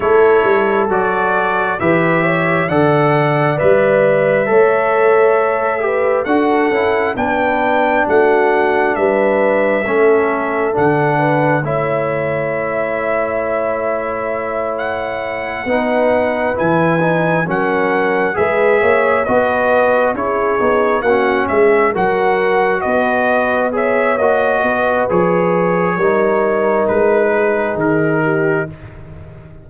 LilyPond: <<
  \new Staff \with { instrumentName = "trumpet" } { \time 4/4 \tempo 4 = 67 cis''4 d''4 e''4 fis''4 | e''2. fis''4 | g''4 fis''4 e''2 | fis''4 e''2.~ |
e''8 fis''2 gis''4 fis''8~ | fis''8 e''4 dis''4 cis''4 fis''8 | e''8 fis''4 dis''4 e''8 dis''4 | cis''2 b'4 ais'4 | }
  \new Staff \with { instrumentName = "horn" } { \time 4/4 a'2 b'8 cis''8 d''4~ | d''4 cis''4. b'8 a'4 | b'4 fis'4 b'4 a'4~ | a'8 b'8 cis''2.~ |
cis''4. b'2 ais'8~ | ais'8 b'8 cis''8 b'4 gis'4 fis'8 | gis'8 ais'4 b'4 cis''4 b'8~ | b'4 ais'4. gis'4 g'8 | }
  \new Staff \with { instrumentName = "trombone" } { \time 4/4 e'4 fis'4 g'4 a'4 | b'4 a'4. g'8 fis'8 e'8 | d'2. cis'4 | d'4 e'2.~ |
e'4. dis'4 e'8 dis'8 cis'8~ | cis'8 gis'4 fis'4 e'8 dis'8 cis'8~ | cis'8 fis'2 gis'8 fis'4 | gis'4 dis'2. | }
  \new Staff \with { instrumentName = "tuba" } { \time 4/4 a8 g8 fis4 e4 d4 | g4 a2 d'8 cis'8 | b4 a4 g4 a4 | d4 a2.~ |
a4. b4 e4 fis8~ | fis8 gis8 ais8 b4 cis'8 b8 ais8 | gis8 fis4 b4. ais8 b8 | f4 g4 gis4 dis4 | }
>>